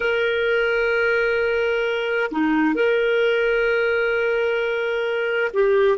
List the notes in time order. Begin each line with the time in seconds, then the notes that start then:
0.00 A#4
2.31 D#4
2.74 A#4
5.53 G4